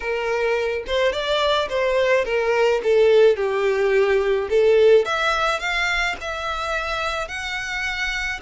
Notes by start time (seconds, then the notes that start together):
0.00 A#4
0.87 C5
1.12 D5
1.69 C5
2.25 A#4
2.83 A4
3.36 G4
4.49 A4
5.05 E5
5.59 F5
6.21 E5
7.28 F#5